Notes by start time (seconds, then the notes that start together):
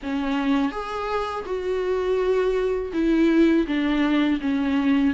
0.02 C#4
0.71 G#4
1.45 F#4
2.93 E4
3.67 D4
4.40 C#4